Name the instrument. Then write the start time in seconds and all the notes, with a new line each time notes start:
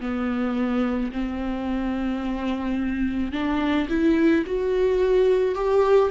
viola
0.00 B3
1.12 C4
3.32 D4
3.89 E4
4.46 F#4
5.55 G4